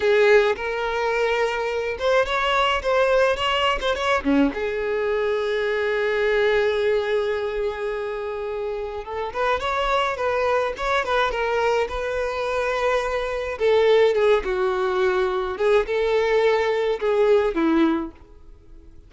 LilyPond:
\new Staff \with { instrumentName = "violin" } { \time 4/4 \tempo 4 = 106 gis'4 ais'2~ ais'8 c''8 | cis''4 c''4 cis''8. c''16 cis''8 cis'8 | gis'1~ | gis'1 |
a'8 b'8 cis''4 b'4 cis''8 b'8 | ais'4 b'2. | a'4 gis'8 fis'2 gis'8 | a'2 gis'4 e'4 | }